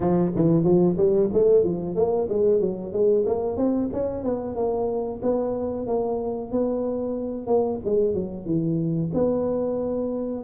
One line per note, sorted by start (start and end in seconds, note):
0.00 0.32 F3
0.35 0.63 E3
0.63 0.96 F3
0.97 1.29 G3
1.33 1.64 A3
1.64 1.95 F3
1.95 2.28 A#3
2.29 2.60 G#3
2.60 2.92 F#3
2.92 3.25 G#3
3.25 3.57 A#3
3.57 3.89 C4
3.92 4.23 C#4
4.23 4.55 B3
4.55 5.21 A#3
5.22 5.86 B3
5.86 6.51 A#3
6.51 7.46 B3
7.46 7.79 A#3
7.84 8.14 G#3
8.14 8.45 F#3
8.45 9.10 E3
9.14 10.43 B3